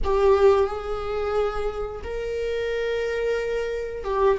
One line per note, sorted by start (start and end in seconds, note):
0.04 0.66 G4
0.66 2.01 G#4
2.03 4.04 A#4
4.04 4.38 G4